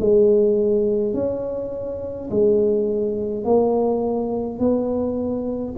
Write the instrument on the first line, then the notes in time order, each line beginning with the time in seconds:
tuba
0.00 G#3
1.14 C#4
2.31 G#3
3.45 A#3
4.59 B3